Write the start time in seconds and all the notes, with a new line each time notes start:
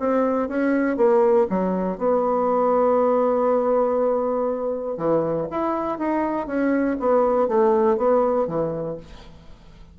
0.00 C4
0.49 C#4
0.97 A#3
1.50 F#3
1.98 B3
4.97 E3
5.51 E4
5.99 D#4
6.47 C#4
7.00 B3
7.48 A3
7.97 B3
8.47 E3